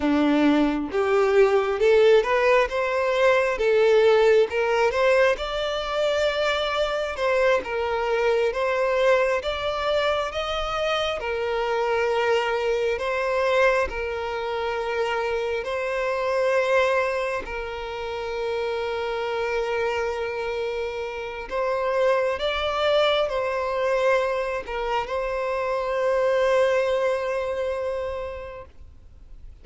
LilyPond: \new Staff \with { instrumentName = "violin" } { \time 4/4 \tempo 4 = 67 d'4 g'4 a'8 b'8 c''4 | a'4 ais'8 c''8 d''2 | c''8 ais'4 c''4 d''4 dis''8~ | dis''8 ais'2 c''4 ais'8~ |
ais'4. c''2 ais'8~ | ais'1 | c''4 d''4 c''4. ais'8 | c''1 | }